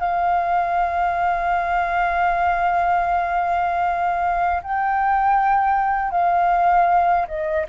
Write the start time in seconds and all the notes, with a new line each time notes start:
0.00 F5
4.63 G5
6.11 F5
7.28 D#5